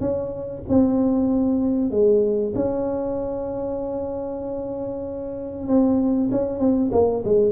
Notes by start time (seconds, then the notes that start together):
0.00 C#4
0.69 C4
1.91 G#3
2.55 C#4
5.67 C4
6.31 C#4
6.59 C4
6.92 A#3
7.25 G#3